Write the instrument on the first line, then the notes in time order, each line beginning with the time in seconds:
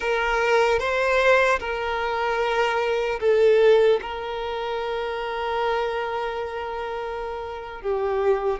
violin
0.00 A#4
0.79 C5
1.59 A#4
3.20 A4
4.01 A#4
7.81 G4